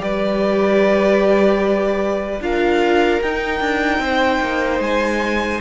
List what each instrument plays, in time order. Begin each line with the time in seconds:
0.00 cello G3, viola G4, violin B4 D5
2.41 cello D4, viola F4, violin A#4 F5
3.22 cello D#4, viola D#4, violin G5
3.61 cello D4
3.99 cello C4, violin C5
4.41 cello A#3
4.80 cello G#3, violin G#5